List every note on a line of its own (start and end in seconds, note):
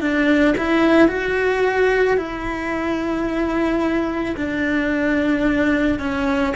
0.00 0.55 D4
0.58 1.08 E4
1.08 2.17 F#4
2.17 4.35 E4
4.36 5.99 D4
5.99 6.54 C#4